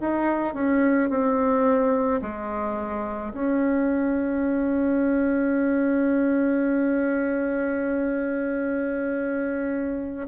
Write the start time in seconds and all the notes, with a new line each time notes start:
0.00 D#4
0.54 C#4
1.10 C4
2.22 G#3
3.33 C#4